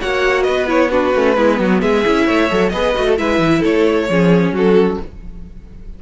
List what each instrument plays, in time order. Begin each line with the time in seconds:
0.00 cello A#3, viola F#4, violin C#5 F#5
0.42 cello B3, violin B4 D#5
0.67 viola E4, violin C#5
0.90 viola D4, violin F#4 B4
1.14 cello A3, viola C#4
1.36 cello G#3, viola B3, violin E4
1.58 cello F#3, violin F#4
1.81 cello G#3, violin G#4 E5
2.05 cello C#4, viola E4
2.25 cello A3, violin C#5
2.49 cello F#3, viola A4
2.69 cello B3, viola G#4, violin B4 D#5
2.95 cello A3, viola F#4
3.07 violin A4
3.17 cello G#3, viola E4, violin B4 E5
3.38 cello E3
3.59 cello A3, violin A4 C#5
4.09 cello F3, viola C#4, violin G#4
4.51 cello F#3, violin F#4 A4